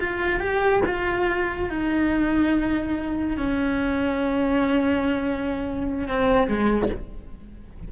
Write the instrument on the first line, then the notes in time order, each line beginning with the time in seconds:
cello
0.00 F4
0.40 G4
0.85 F4
1.70 D#4
3.37 C#4
6.08 C4
6.48 G#3